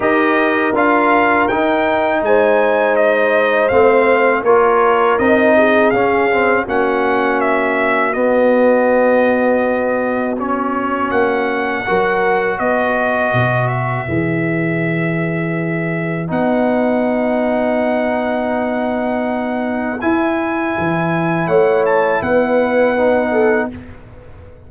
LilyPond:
<<
  \new Staff \with { instrumentName = "trumpet" } { \time 4/4 \tempo 4 = 81 dis''4 f''4 g''4 gis''4 | dis''4 f''4 cis''4 dis''4 | f''4 fis''4 e''4 dis''4~ | dis''2 cis''4 fis''4~ |
fis''4 dis''4. e''4.~ | e''2 fis''2~ | fis''2. gis''4~ | gis''4 fis''8 a''8 fis''2 | }
  \new Staff \with { instrumentName = "horn" } { \time 4/4 ais'2. c''4~ | c''2 ais'4. gis'8~ | gis'4 fis'2.~ | fis'1 |
ais'4 b'2.~ | b'1~ | b'1~ | b'4 cis''4 b'4. a'8 | }
  \new Staff \with { instrumentName = "trombone" } { \time 4/4 g'4 f'4 dis'2~ | dis'4 c'4 f'4 dis'4 | cis'8 c'8 cis'2 b4~ | b2 cis'2 |
fis'2. gis'4~ | gis'2 dis'2~ | dis'2. e'4~ | e'2. dis'4 | }
  \new Staff \with { instrumentName = "tuba" } { \time 4/4 dis'4 d'4 dis'4 gis4~ | gis4 a4 ais4 c'4 | cis'4 ais2 b4~ | b2. ais4 |
fis4 b4 b,4 e4~ | e2 b2~ | b2. e'4 | e4 a4 b2 | }
>>